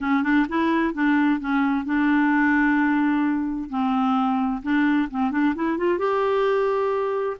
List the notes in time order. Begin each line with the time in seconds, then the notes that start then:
0.01 C#4
0.23 D4
0.48 E4
0.94 D4
1.40 C#4
1.85 D4
3.69 C4
4.62 D4
5.10 C4
5.31 D4
5.55 E4
5.77 F4
5.98 G4